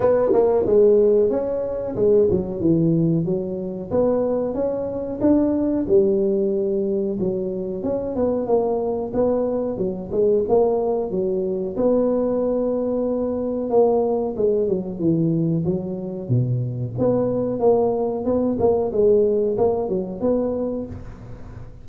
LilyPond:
\new Staff \with { instrumentName = "tuba" } { \time 4/4 \tempo 4 = 92 b8 ais8 gis4 cis'4 gis8 fis8 | e4 fis4 b4 cis'4 | d'4 g2 fis4 | cis'8 b8 ais4 b4 fis8 gis8 |
ais4 fis4 b2~ | b4 ais4 gis8 fis8 e4 | fis4 b,4 b4 ais4 | b8 ais8 gis4 ais8 fis8 b4 | }